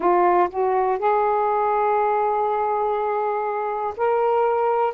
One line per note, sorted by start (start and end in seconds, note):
0.00 0.49 F4
0.49 0.98 F#4
0.98 3.93 G#4
3.97 4.94 A#4